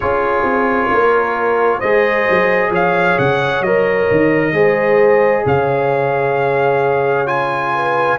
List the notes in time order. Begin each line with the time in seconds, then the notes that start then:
0.00 C#4 F4 G#4 C#5
0.42 C4
0.90 A#3 A#4
1.78 G#3 G#4 C5 D#5
2.29 F#3
2.70 F3 C#5 F5
3.18 C#3 F#5
3.60 F#3 A#4 D#5
4.10 D#3
4.52 G#3 G#4 C5
5.45 C#3 C#5 F5
7.26 F4 G#5
7.74 B4